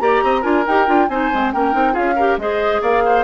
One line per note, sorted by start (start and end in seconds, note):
0.00 0.22 A#3
0.00 0.43 G4
0.00 0.24 D5
0.00 0.44 A#5
0.23 0.44 C4
0.23 0.41 D#5
0.41 0.66 D4
0.41 0.64 F4
0.41 1.06 A#4
0.41 0.65 G#5
0.67 0.88 D#4
0.67 0.87 G4
0.67 1.09 G5
0.87 1.09 D4
0.87 1.09 F4
1.09 1.30 C4
1.09 1.32 D#4
1.09 1.54 C5
1.09 1.52 G#5
1.32 1.54 G#3
1.32 1.53 C4
1.53 1.74 A#3
1.53 1.73 C#4
1.53 1.93 A#4
1.53 1.95 G5
1.73 1.96 C4
1.73 1.93 D#4
1.93 2.37 C#4
1.93 2.14 F4
1.93 2.14 G#4
1.93 2.38 F5
2.16 2.40 G4
2.16 2.37 A#4
2.37 2.81 G#3
2.37 3.24 G#4
2.37 2.82 C5
2.37 2.82 D#5
2.82 3.24 A#3
2.82 3.03 D5
2.82 3.24 F5
3.05 3.24 C5